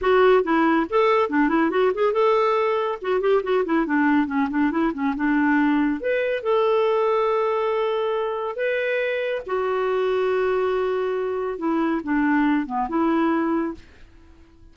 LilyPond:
\new Staff \with { instrumentName = "clarinet" } { \time 4/4 \tempo 4 = 140 fis'4 e'4 a'4 d'8 e'8 | fis'8 gis'8 a'2 fis'8 g'8 | fis'8 e'8 d'4 cis'8 d'8 e'8 cis'8 | d'2 b'4 a'4~ |
a'1 | b'2 fis'2~ | fis'2. e'4 | d'4. b8 e'2 | }